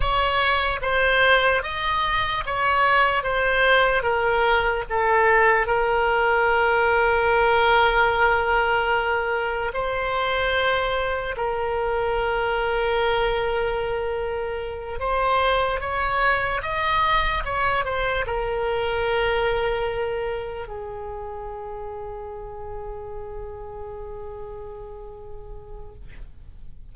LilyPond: \new Staff \with { instrumentName = "oboe" } { \time 4/4 \tempo 4 = 74 cis''4 c''4 dis''4 cis''4 | c''4 ais'4 a'4 ais'4~ | ais'1 | c''2 ais'2~ |
ais'2~ ais'8 c''4 cis''8~ | cis''8 dis''4 cis''8 c''8 ais'4.~ | ais'4. gis'2~ gis'8~ | gis'1 | }